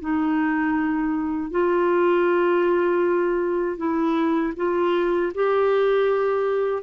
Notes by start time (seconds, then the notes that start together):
0.00 D#4
1.51 F4
3.77 E4
4.56 F4
5.34 G4